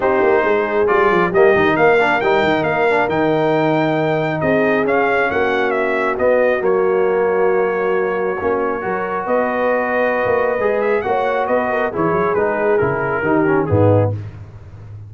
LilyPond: <<
  \new Staff \with { instrumentName = "trumpet" } { \time 4/4 \tempo 4 = 136 c''2 d''4 dis''4 | f''4 g''4 f''4 g''4~ | g''2 dis''4 f''4 | fis''4 e''4 dis''4 cis''4~ |
cis''1~ | cis''4 dis''2.~ | dis''8 e''8 fis''4 dis''4 cis''4 | b'4 ais'2 gis'4 | }
  \new Staff \with { instrumentName = "horn" } { \time 4/4 g'4 gis'2 g'4 | ais'1~ | ais'2 gis'2 | fis'1~ |
fis'1 | ais'4 b'2.~ | b'4 cis''4 b'8 ais'8 gis'4~ | gis'2 g'4 dis'4 | }
  \new Staff \with { instrumentName = "trombone" } { \time 4/4 dis'2 f'4 ais8 dis'8~ | dis'8 d'8 dis'4. d'8 dis'4~ | dis'2. cis'4~ | cis'2 b4 ais4~ |
ais2. cis'4 | fis'1 | gis'4 fis'2 e'4 | dis'4 e'4 dis'8 cis'8 b4 | }
  \new Staff \with { instrumentName = "tuba" } { \time 4/4 c'8 ais8 gis4 g8 f8 g8 dis8 | ais4 g8 dis8 ais4 dis4~ | dis2 c'4 cis'4 | ais2 b4 fis4~ |
fis2. ais4 | fis4 b2~ b16 ais8. | gis4 ais4 b4 e8 fis8 | gis4 cis4 dis4 gis,4 | }
>>